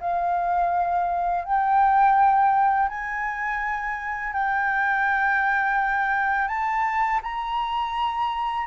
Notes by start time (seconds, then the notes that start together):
0.00 F5
1.45 G5
2.88 G#5
4.33 G5
6.48 A5
7.23 A#5